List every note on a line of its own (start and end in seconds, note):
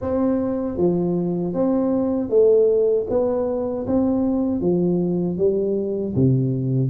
0.01 0.77 C4
0.77 1.53 F3
1.53 2.29 C4
2.29 3.06 A3
3.09 3.86 B3
3.87 4.60 C4
4.60 5.37 F3
5.37 6.14 G3
6.15 6.90 C3